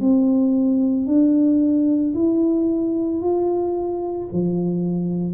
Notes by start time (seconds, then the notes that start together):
0.00 C4
1.06 D4
2.14 E4
3.21 F4
4.32 F3